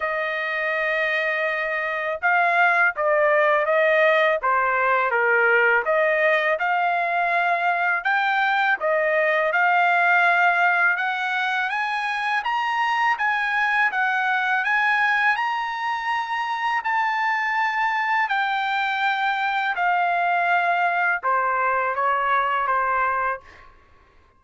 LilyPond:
\new Staff \with { instrumentName = "trumpet" } { \time 4/4 \tempo 4 = 82 dis''2. f''4 | d''4 dis''4 c''4 ais'4 | dis''4 f''2 g''4 | dis''4 f''2 fis''4 |
gis''4 ais''4 gis''4 fis''4 | gis''4 ais''2 a''4~ | a''4 g''2 f''4~ | f''4 c''4 cis''4 c''4 | }